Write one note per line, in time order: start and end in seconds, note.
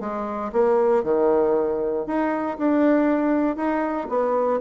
0.00 0.51 G#3
0.52 1.03 A#3
1.03 2.06 D#3
2.06 2.57 D#4
2.58 3.56 D4
3.56 4.07 D#4
4.09 4.60 B3